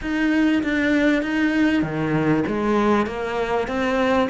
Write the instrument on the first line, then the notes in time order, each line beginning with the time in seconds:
cello
0.01 D#4
0.63 D4
1.22 D#4
1.82 D#3
2.47 G#3
3.06 A#3
3.67 C4